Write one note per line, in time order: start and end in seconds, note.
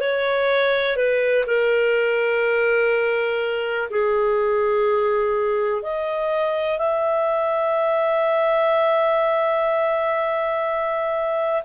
0.00 0.96 C#5
0.96 1.44 B4
1.46 3.88 A#4
3.90 5.82 G#4
5.82 6.78 D#5
6.78 11.62 E5